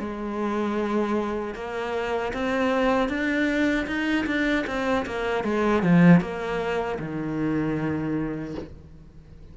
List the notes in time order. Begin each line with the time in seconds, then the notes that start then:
0.00 G#3
1.55 A#3
2.34 C4
3.09 D4
3.87 D#4
4.27 D4
4.67 C4
5.06 A#3
5.45 G#3
5.83 F3
6.21 A#3
7.00 D#3